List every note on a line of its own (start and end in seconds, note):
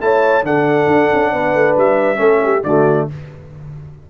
0.00 0.43 A3
0.00 0.43 E4
0.00 0.45 C#5
0.00 0.44 A5
0.43 0.86 D3
0.43 2.15 D4
0.43 1.32 A4
0.43 1.76 F#5
0.86 1.08 D4
1.13 1.33 C#4
1.32 1.54 B3
1.32 2.19 B4
1.54 1.76 A3
1.76 2.19 G3
1.76 2.63 E5
2.15 2.62 A3
2.15 2.59 C#4
2.15 2.41 A4
2.44 2.65 G4
2.63 3.07 D3
2.63 3.10 A3
2.63 3.09 F#4
2.63 3.07 D5